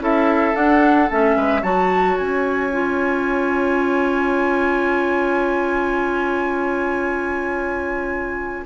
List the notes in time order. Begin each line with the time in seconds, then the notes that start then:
0.00 C#4 E4 A4 E5
0.55 D4 F#5
1.11 A3 C#4 E5
1.37 G#3 B4
1.61 F#3 F#4 C#5 A5
2.18 C#4 G#5
2.73 F4